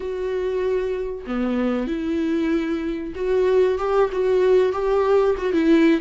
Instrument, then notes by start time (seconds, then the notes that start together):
viola
0.00 F#4
1.26 B3
1.87 E4
3.15 F#4
3.78 G4
4.12 F#4
4.72 G4
5.37 F#4
5.52 E4